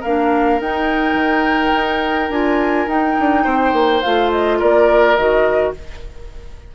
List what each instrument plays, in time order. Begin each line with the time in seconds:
0.00 bassoon A#3, clarinet D4, oboe A#4, flute F5
0.59 bassoon D#4, clarinet D#4, flute G5
1.13 bassoon D#3
1.74 bassoon D#4
2.29 bassoon D4, clarinet F4, flute G#5
2.87 bassoon D#4, clarinet D#4, flute G5
3.20 bassoon D4
3.43 bassoon C4, oboe C5
3.72 bassoon A#3
4.02 bassoon A3, clarinet F4, flute F5
4.31 flute D#5
4.59 bassoon A#3, oboe A#4, flute D5
5.16 bassoon D#3, clarinet F#4, flute D#5